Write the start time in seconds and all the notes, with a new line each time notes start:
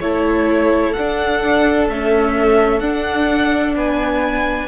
0.00 A3 E4 A4 C#5
0.92 D4 F#5
0.99 D4
1.89 A3 C#4 E5
2.80 D4 F#5
3.75 B3 B4 G#5